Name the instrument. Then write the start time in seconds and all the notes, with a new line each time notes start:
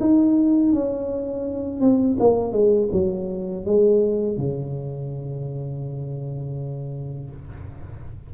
tuba
0.00 D#4
0.73 C#4
1.80 C4
2.20 A#3
2.52 G#3
2.92 F#3
3.65 G#3
4.37 C#3